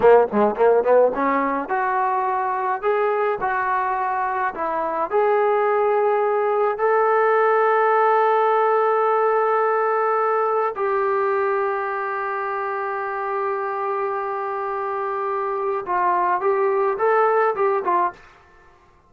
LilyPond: \new Staff \with { instrumentName = "trombone" } { \time 4/4 \tempo 4 = 106 ais8 gis8 ais8 b8 cis'4 fis'4~ | fis'4 gis'4 fis'2 | e'4 gis'2. | a'1~ |
a'2. g'4~ | g'1~ | g'1 | f'4 g'4 a'4 g'8 f'8 | }